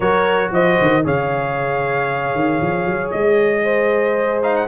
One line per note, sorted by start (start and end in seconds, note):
0.00 0.51 F#3
0.00 1.03 F#4
0.00 0.52 A#4
0.00 0.52 C#5
0.51 0.77 F3
0.51 1.04 C5
0.51 1.05 D#5
0.81 1.05 D#3
1.03 2.34 C#3
1.03 4.42 G#4
1.03 3.63 C#5
1.03 3.11 F5
2.34 2.61 D#3
2.61 2.85 F3
2.85 3.12 F#3
3.11 4.68 G#3
3.11 4.41 D#5
3.63 4.68 C5
4.42 4.68 D#4
4.42 4.55 F5
4.55 4.68 F#5